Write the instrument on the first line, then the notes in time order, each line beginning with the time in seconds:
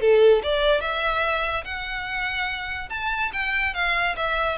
violin
0.00 A4
0.43 D5
0.80 E5
1.64 F#5
2.90 A5
3.33 G5
3.73 F5
4.16 E5